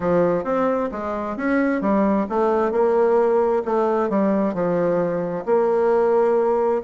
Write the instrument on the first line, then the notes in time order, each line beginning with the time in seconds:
bassoon
0.00 F3
0.44 C4
0.91 G#3
1.36 C#4
1.81 G3
2.29 A3
2.71 A#3
3.65 A3
4.09 G3
4.54 F3
5.45 A#3